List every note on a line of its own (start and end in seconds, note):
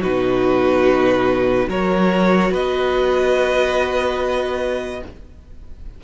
0.00 1.67 B2
0.00 1.69 D#4
0.00 1.67 F#4
0.00 1.69 B4
1.67 2.51 F#3
1.67 5.02 F#4
1.67 2.51 A#4
1.67 2.53 C#5
2.51 5.01 B3
2.51 5.01 B4
2.51 5.03 D#5